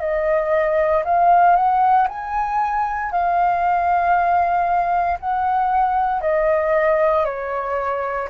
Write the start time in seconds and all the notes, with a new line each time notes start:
0.00 D#5
1.04 F5
1.56 F#5
2.08 G#5
3.11 F5
5.20 F#5
6.21 D#5
7.25 C#5